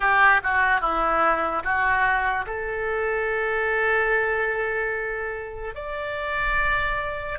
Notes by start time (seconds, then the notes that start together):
0.00 G4
0.43 F#4
0.80 E4
1.63 F#4
2.46 A4
5.74 D5